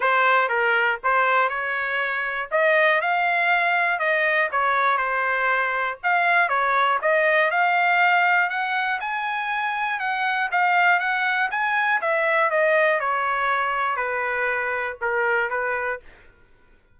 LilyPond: \new Staff \with { instrumentName = "trumpet" } { \time 4/4 \tempo 4 = 120 c''4 ais'4 c''4 cis''4~ | cis''4 dis''4 f''2 | dis''4 cis''4 c''2 | f''4 cis''4 dis''4 f''4~ |
f''4 fis''4 gis''2 | fis''4 f''4 fis''4 gis''4 | e''4 dis''4 cis''2 | b'2 ais'4 b'4 | }